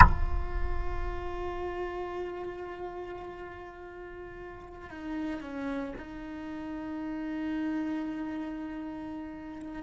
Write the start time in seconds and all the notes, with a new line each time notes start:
0.00 F4
4.90 D#4
5.40 C#4
5.97 D#4